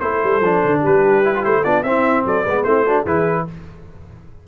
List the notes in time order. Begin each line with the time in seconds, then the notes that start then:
0.00 A3 E4 A4 C5
0.23 G3
0.41 F3 D4
0.65 D3
0.80 G3 G4 B4
1.24 E4
1.35 F4
1.44 A3 E4 C5
1.64 B3 D4 F4 D5
1.83 C4 E4 E5
2.26 F#3 A4 D5
2.45 G#3 B3 B4
2.64 A3 C4 E4 C5
2.86 D4 F#4
3.03 E3 E4 G#4 B4